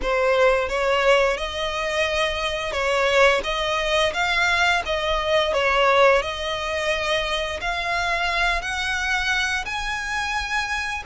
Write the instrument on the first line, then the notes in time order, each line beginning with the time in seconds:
violin
0.02 C5
0.68 C#5
1.37 D#5
2.72 C#5
3.43 D#5
4.13 F5
4.85 D#5
5.53 C#5
6.22 D#5
7.60 F5
8.61 F#5
9.65 G#5